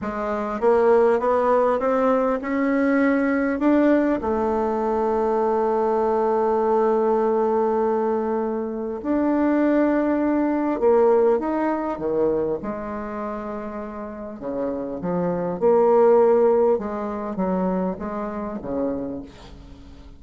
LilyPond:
\new Staff \with { instrumentName = "bassoon" } { \time 4/4 \tempo 4 = 100 gis4 ais4 b4 c'4 | cis'2 d'4 a4~ | a1~ | a2. d'4~ |
d'2 ais4 dis'4 | dis4 gis2. | cis4 f4 ais2 | gis4 fis4 gis4 cis4 | }